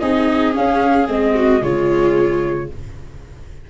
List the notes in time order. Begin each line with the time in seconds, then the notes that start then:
0.00 C4 D#4 G#4 D#5
0.53 C#4 F5
1.08 G#3 C4 D#5
1.36 F#4
1.61 C#3 G#3 F4 C#5